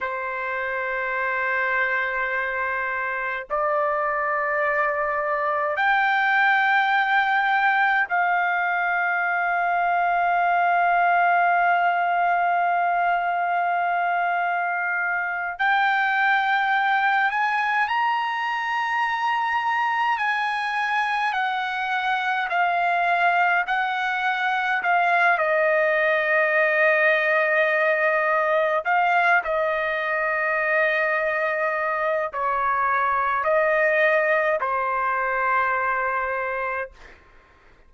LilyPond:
\new Staff \with { instrumentName = "trumpet" } { \time 4/4 \tempo 4 = 52 c''2. d''4~ | d''4 g''2 f''4~ | f''1~ | f''4. g''4. gis''8 ais''8~ |
ais''4. gis''4 fis''4 f''8~ | f''8 fis''4 f''8 dis''2~ | dis''4 f''8 dis''2~ dis''8 | cis''4 dis''4 c''2 | }